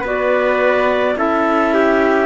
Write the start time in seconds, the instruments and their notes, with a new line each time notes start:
0.00 cello B3, clarinet F#4, trumpet B4
0.07 clarinet D5
1.16 cello C#4, clarinet E4 E5, trumpet A4
1.74 trumpet G4